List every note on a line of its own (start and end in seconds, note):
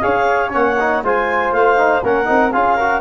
0.00 0.55 C#4
0.00 0.49 G#4
0.00 1.03 C#5
0.00 0.50 F5
0.49 1.03 A#3
0.49 0.74 C#4
0.49 1.03 F#5
0.80 1.04 D#4
1.03 1.52 G#3
1.03 1.77 F4
1.03 2.04 C5
1.03 1.52 G#5
1.52 2.02 A3
1.52 2.02 F5
1.77 2.02 D#4
2.03 2.28 A#3
2.03 2.25 C#4
2.03 2.52 A#4
2.03 2.52 F#5
2.25 2.54 C4
2.25 2.50 D#4
2.52 3.01 C#4
2.52 2.78 F4
2.52 2.76 G#4
2.52 3.01 F5
2.76 3.01 F#4
2.76 3.01 A#4